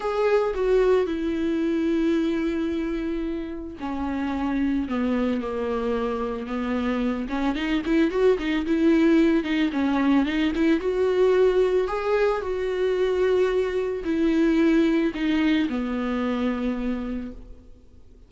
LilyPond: \new Staff \with { instrumentName = "viola" } { \time 4/4 \tempo 4 = 111 gis'4 fis'4 e'2~ | e'2. cis'4~ | cis'4 b4 ais2 | b4. cis'8 dis'8 e'8 fis'8 dis'8 |
e'4. dis'8 cis'4 dis'8 e'8 | fis'2 gis'4 fis'4~ | fis'2 e'2 | dis'4 b2. | }